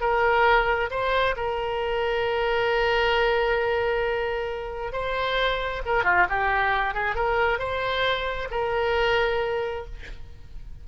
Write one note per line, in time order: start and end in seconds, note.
0.00 0.90 A#4
0.90 1.35 C5
1.36 4.92 A#4
4.92 5.82 C5
5.85 6.04 A#4
6.04 6.26 F4
6.29 6.94 G4
6.94 7.15 G#4
7.15 7.58 A#4
7.58 8.48 C5
8.51 9.85 A#4